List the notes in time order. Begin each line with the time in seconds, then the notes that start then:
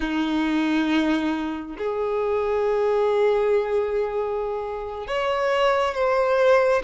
0.00 D#4
1.78 G#4
5.07 C#5
5.94 C5